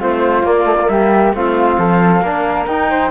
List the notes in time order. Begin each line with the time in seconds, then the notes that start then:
0.00 A3 C4 F4 C5
0.43 A#3 D5
0.65 A3
0.82 A#3
0.89 G3 G4 E5
1.33 A3 C4 F4 F5
1.78 F3 A4
2.22 A#3 D4 A#4
2.66 D#4 G5
2.90 C5